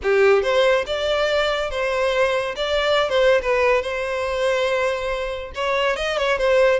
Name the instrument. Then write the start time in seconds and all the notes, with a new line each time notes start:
violin
0.02 G4
0.42 C5
0.86 D5
1.70 C5
2.56 D5
3.09 C5
3.41 B4
3.82 C5
5.54 C#5
5.96 D#5
6.17 C#5
6.38 C5